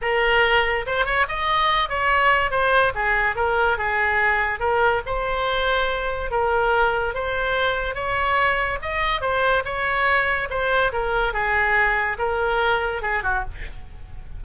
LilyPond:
\new Staff \with { instrumentName = "oboe" } { \time 4/4 \tempo 4 = 143 ais'2 c''8 cis''8 dis''4~ | dis''8 cis''4. c''4 gis'4 | ais'4 gis'2 ais'4 | c''2. ais'4~ |
ais'4 c''2 cis''4~ | cis''4 dis''4 c''4 cis''4~ | cis''4 c''4 ais'4 gis'4~ | gis'4 ais'2 gis'8 fis'8 | }